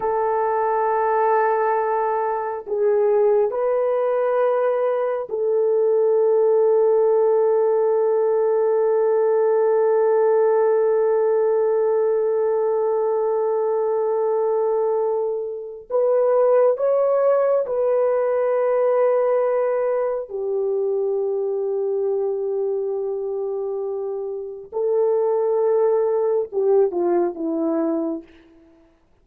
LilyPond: \new Staff \with { instrumentName = "horn" } { \time 4/4 \tempo 4 = 68 a'2. gis'4 | b'2 a'2~ | a'1~ | a'1~ |
a'2 b'4 cis''4 | b'2. g'4~ | g'1 | a'2 g'8 f'8 e'4 | }